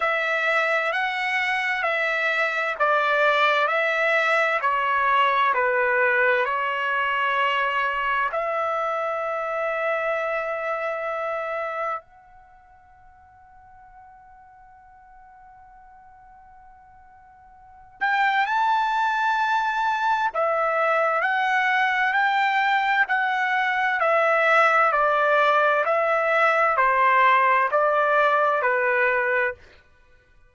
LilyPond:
\new Staff \with { instrumentName = "trumpet" } { \time 4/4 \tempo 4 = 65 e''4 fis''4 e''4 d''4 | e''4 cis''4 b'4 cis''4~ | cis''4 e''2.~ | e''4 fis''2.~ |
fis''2.~ fis''8 g''8 | a''2 e''4 fis''4 | g''4 fis''4 e''4 d''4 | e''4 c''4 d''4 b'4 | }